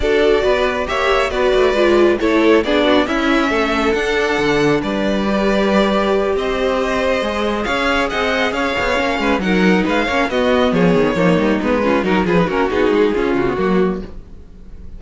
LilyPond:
<<
  \new Staff \with { instrumentName = "violin" } { \time 4/4 \tempo 4 = 137 d''2 e''4 d''4~ | d''4 cis''4 d''4 e''4~ | e''4 fis''2 d''4~ | d''2~ d''8 dis''4.~ |
dis''4. f''4 fis''4 f''8~ | f''4. fis''4 f''4 dis''8~ | dis''8 cis''2 b'4 ais'8 | b'8 ais'8 gis'4. fis'4. | }
  \new Staff \with { instrumentName = "violin" } { \time 4/4 a'4 b'4 cis''4 b'4~ | b'4 a'4 gis'8 fis'8 e'4 | a'2. b'4~ | b'2~ b'8 c''4.~ |
c''4. cis''4 dis''4 cis''8~ | cis''4 b'8 ais'4 b'8 cis''8 fis'8~ | fis'8 gis'4 dis'4. f'8 fis'8 | gis'8 fis'4. f'4 fis'4 | }
  \new Staff \with { instrumentName = "viola" } { \time 4/4 fis'2 g'4 fis'4 | f'4 e'4 d'4 cis'4~ | cis'4 d'2. | g'1~ |
g'8 gis'2.~ gis'8~ | gis'8 cis'4 dis'4. cis'8 b8~ | b4. ais4 b8 cis'8 dis'8 | f'16 dis'16 cis'8 dis'4 cis'8. b16 ais4 | }
  \new Staff \with { instrumentName = "cello" } { \time 4/4 d'4 b4 ais4 b8 a8 | gis4 a4 b4 cis'4 | a4 d'4 d4 g4~ | g2~ g8 c'4.~ |
c'8 gis4 cis'4 c'4 cis'8 | b8 ais8 gis8 fis4 gis8 ais8 b8~ | b8 f8 dis8 f8 g8 gis4 fis8 | f8 ais8 b8 gis8 cis'8 cis8 fis4 | }
>>